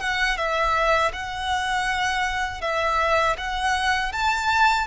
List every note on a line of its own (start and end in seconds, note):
0.00 0.37 F#5
0.37 1.12 E5
1.13 2.61 F#5
2.61 3.36 E5
3.38 4.12 F#5
4.12 4.87 A5